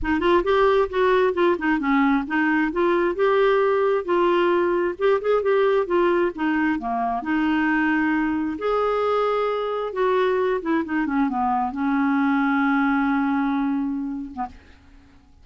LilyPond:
\new Staff \with { instrumentName = "clarinet" } { \time 4/4 \tempo 4 = 133 dis'8 f'8 g'4 fis'4 f'8 dis'8 | cis'4 dis'4 f'4 g'4~ | g'4 f'2 g'8 gis'8 | g'4 f'4 dis'4 ais4 |
dis'2. gis'4~ | gis'2 fis'4. e'8 | dis'8 cis'8 b4 cis'2~ | cis'2.~ cis'8. b16 | }